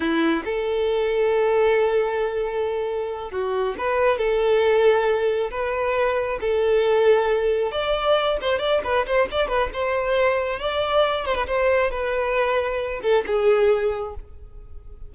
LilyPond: \new Staff \with { instrumentName = "violin" } { \time 4/4 \tempo 4 = 136 e'4 a'2.~ | a'2.~ a'8 fis'8~ | fis'8 b'4 a'2~ a'8~ | a'8 b'2 a'4.~ |
a'4. d''4. c''8 d''8 | b'8 c''8 d''8 b'8 c''2 | d''4. c''16 b'16 c''4 b'4~ | b'4. a'8 gis'2 | }